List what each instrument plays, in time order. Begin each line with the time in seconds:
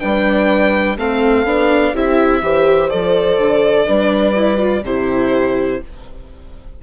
0.00 bassoon G3, viola D4, horn B4, violin G5
0.98 bassoon A3, viola C4, horn A4, violin F5
1.45 bassoon B3, viola D4
1.93 bassoon C4, viola E4, horn G4, violin E5
2.42 bassoon E3, viola G4, horn C5
2.90 bassoon F3, viola A4, violin D5
3.38 bassoon D3
3.86 bassoon G3, viola D4, horn B4
4.36 viola E4
4.57 viola F4
4.84 bassoon C3, viola E4, horn G4, violin C5